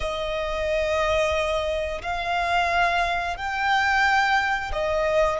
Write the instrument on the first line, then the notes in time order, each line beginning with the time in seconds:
violin
0.00 D#5
2.02 F5
3.36 G5
4.72 D#5